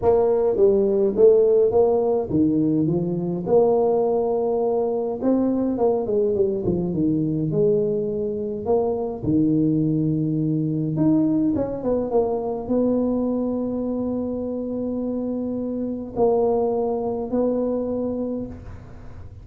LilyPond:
\new Staff \with { instrumentName = "tuba" } { \time 4/4 \tempo 4 = 104 ais4 g4 a4 ais4 | dis4 f4 ais2~ | ais4 c'4 ais8 gis8 g8 f8 | dis4 gis2 ais4 |
dis2. dis'4 | cis'8 b8 ais4 b2~ | b1 | ais2 b2 | }